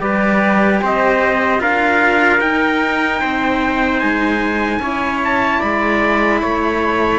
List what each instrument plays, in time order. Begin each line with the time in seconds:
0.00 cello G3 G4, trumpet B4 D5
0.82 cello C4, trumpet C5 D#5
1.59 cello D4 F4, trumpet A#4 F5
2.41 cello D#4, trumpet G5
3.21 cello C4, trumpet C5
4.00 cello G#3, trumpet G#5
4.79 cello C#4 E4, trumpet C#5
5.25 trumpet A5
5.59 cello G#3, trumpet D5 B5
6.42 cello A3, trumpet C#5